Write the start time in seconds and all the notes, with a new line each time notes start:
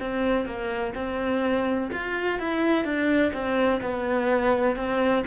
0.00 C4
0.46 A#3
0.95 C4
1.92 F4
2.39 E4
2.85 D4
3.34 C4
3.81 B3
4.76 C4